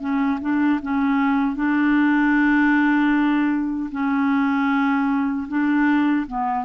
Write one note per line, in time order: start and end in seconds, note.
0.00 0.39 C#4
0.41 0.80 D4
0.82 1.56 C#4
1.56 3.90 D4
3.91 5.47 C#4
5.48 6.26 D4
6.27 6.65 B3